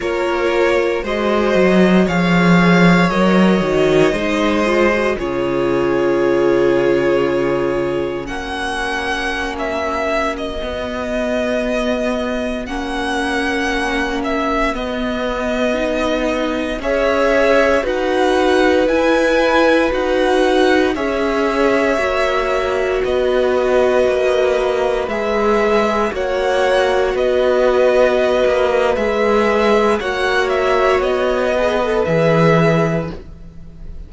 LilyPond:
<<
  \new Staff \with { instrumentName = "violin" } { \time 4/4 \tempo 4 = 58 cis''4 dis''4 f''4 dis''4~ | dis''4 cis''2. | fis''4~ fis''16 e''8. dis''2~ | dis''16 fis''4. e''8 dis''4.~ dis''16~ |
dis''16 e''4 fis''4 gis''4 fis''8.~ | fis''16 e''2 dis''4.~ dis''16~ | dis''16 e''4 fis''4 dis''4.~ dis''16 | e''4 fis''8 e''8 dis''4 e''4 | }
  \new Staff \with { instrumentName = "violin" } { \time 4/4 ais'4 c''4 cis''2 | c''4 gis'2. | fis'1~ | fis'1~ |
fis'16 cis''4 b'2~ b'8.~ | b'16 cis''2 b'4.~ b'16~ | b'4~ b'16 cis''4 b'4.~ b'16~ | b'4 cis''4. b'4. | }
  \new Staff \with { instrumentName = "viola" } { \time 4/4 f'4 fis'4 gis'4 ais'8 fis'8 | dis'8 f'16 fis'16 f'2. | cis'2~ cis'16 b4.~ b16~ | b16 cis'2 b4 dis'8.~ |
dis'16 gis'4 fis'4 e'4 fis'8.~ | fis'16 gis'4 fis'2~ fis'8.~ | fis'16 gis'4 fis'2~ fis'8. | gis'4 fis'4. gis'16 a'16 gis'4 | }
  \new Staff \with { instrumentName = "cello" } { \time 4/4 ais4 gis8 fis8 f4 fis8 dis8 | gis4 cis2. | ais2~ ais16 b4.~ b16~ | b16 ais2 b4.~ b16~ |
b16 cis'4 dis'4 e'4 dis'8.~ | dis'16 cis'4 ais4 b4 ais8.~ | ais16 gis4 ais4 b4~ b16 ais8 | gis4 ais4 b4 e4 | }
>>